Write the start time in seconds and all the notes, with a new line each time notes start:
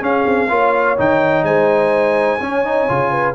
0.00 C#4 G#4 F5
0.26 C4
0.49 A#3 F4 C#5
0.97 D#3 D#4 G5
1.43 G#3 C5 G#5
2.40 C#4 C#5
2.65 D#4
2.88 C#3 F4
3.11 B4